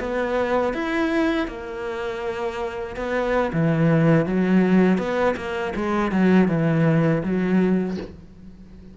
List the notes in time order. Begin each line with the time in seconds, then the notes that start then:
0.00 B3
0.74 E4
1.48 A#3
2.97 B3
3.53 E3
4.27 F#3
4.98 B3
5.37 A#3
5.76 G#3
6.12 F#3
6.49 E3
7.24 F#3